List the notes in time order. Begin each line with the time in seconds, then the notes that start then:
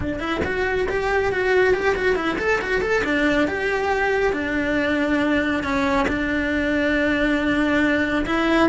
0.00 D4
0.19 E4
0.44 F#4
0.89 G4
1.32 F#4
1.73 G4
1.95 F#4
2.15 E4
2.38 A4
2.61 F#4
2.81 A4
3.04 D4
3.47 G4
4.33 D4
5.63 C#4
6.08 D4
8.25 E4